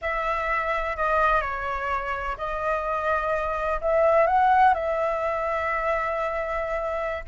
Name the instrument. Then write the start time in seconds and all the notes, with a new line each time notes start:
flute
0.01 E5
0.96 D#5
1.41 C#5
2.37 D#5
3.81 E5
4.26 F#5
4.74 E5